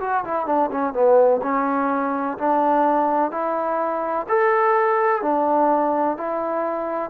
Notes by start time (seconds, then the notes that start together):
0.00 F#4
0.24 E4
0.46 D4
0.71 C#4
0.93 B3
1.42 C#4
2.38 D4
3.31 E4
4.28 A4
5.22 D4
6.17 E4